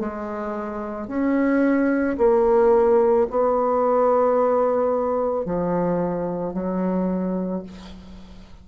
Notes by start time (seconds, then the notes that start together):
0.00 G#3
1.08 C#4
2.18 A#3
3.30 B3
5.45 F3
6.54 F#3